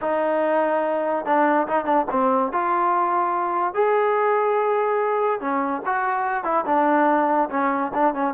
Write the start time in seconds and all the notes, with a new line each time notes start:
0.01 D#4
1.25 D4
1.67 D#4
1.85 D4
2.10 C4
2.52 F4
3.73 G#4
5.40 C#4
5.85 F#4
6.44 E4
6.65 D4
7.50 C#4
7.94 D4
8.14 C#4